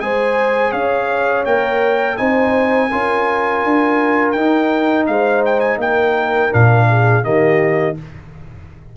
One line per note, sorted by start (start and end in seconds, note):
0.00 0.73 G#3
0.00 1.46 G#4
0.00 0.71 C5
0.00 0.72 G#5
0.71 1.45 C#4
0.71 2.16 C#5
0.71 1.44 F5
1.45 2.19 A#3
1.45 2.18 A#4
1.45 2.17 G5
2.17 2.92 C4
2.17 2.90 D#4
2.17 2.91 C5
2.17 4.32 G#5
2.92 3.64 C#4
2.92 4.36 F4
2.92 5.09 A#4
3.64 4.36 D4
4.32 5.08 D#4
4.32 6.50 D#4
4.32 5.04 G5
5.07 5.77 G#3
5.07 5.78 C5
5.07 5.43 F5
5.45 5.60 G5
5.60 5.78 G#5
5.77 6.50 A#3
5.77 6.87 A#4
5.77 6.53 G5
6.50 7.24 A#2
6.50 7.23 D4
6.50 7.24 F5
6.90 7.25 G#4
7.23 7.97 D#3
7.23 7.95 A#3
7.23 7.97 G4
7.23 7.97 D#5